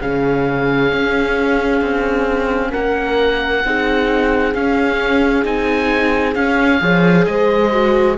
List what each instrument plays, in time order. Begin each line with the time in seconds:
0.00 cello C#3, viola C#4, horn G#4, oboe F5
0.92 cello C#4
1.81 cello C4
2.70 cello A#3, horn A#4, oboe F#5
3.64 cello C4, viola D#4, horn G#4
4.54 viola C#4, cello C#4, oboe F5
5.43 cello C4, viola D#4, oboe G#5
6.35 viola C#4, cello C#4, oboe F5
6.80 cello F3, viola G#4, horn C#5
7.25 cello G#3, horn C5, oboe D#5
7.71 viola F#4